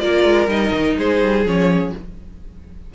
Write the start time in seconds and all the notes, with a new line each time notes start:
0.00 A#3 F4 A#4 D5
0.24 G#3
0.47 G3 D#4 D#5
0.72 D#3
0.98 G#3 G#4 C5
1.22 G3
1.45 F3 C#4 C#5